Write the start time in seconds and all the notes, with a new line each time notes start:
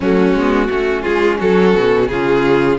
0.00 F#3 A3 C#4 F#4
0.34 G#3 B3
0.70 A3 C#4 F#4
1.02 G#3 F4 G#4
1.38 F#3 F#4 A4
1.74 B2
2.08 C#3 F4 G#4